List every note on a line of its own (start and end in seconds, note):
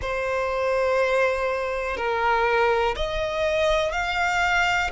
0.01 1.97 C5
1.97 2.95 A#4
2.96 3.92 D#5
3.92 4.90 F5